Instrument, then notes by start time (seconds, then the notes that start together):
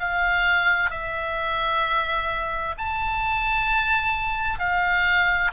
oboe
0.00 F5
0.91 E5
2.78 A5
4.59 F5